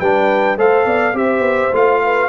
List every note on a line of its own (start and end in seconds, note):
0.00 0.57 G3
0.00 0.58 D4
0.00 0.58 B4
0.00 0.58 G5
0.57 0.86 A3
0.57 1.14 A4
0.57 0.86 C5
0.57 1.17 F5
0.86 1.13 B3
0.86 1.15 D5
1.13 1.40 C4
1.13 1.72 G4
1.13 2.03 C5
1.13 1.75 E5
1.40 1.69 B3
1.73 2.29 A3
1.73 2.29 F4
1.73 2.29 F5
2.04 2.29 B4